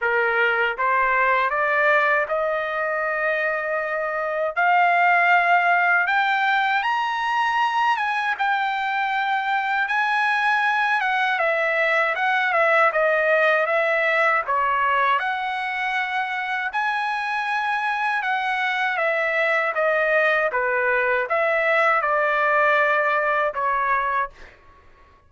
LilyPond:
\new Staff \with { instrumentName = "trumpet" } { \time 4/4 \tempo 4 = 79 ais'4 c''4 d''4 dis''4~ | dis''2 f''2 | g''4 ais''4. gis''8 g''4~ | g''4 gis''4. fis''8 e''4 |
fis''8 e''8 dis''4 e''4 cis''4 | fis''2 gis''2 | fis''4 e''4 dis''4 b'4 | e''4 d''2 cis''4 | }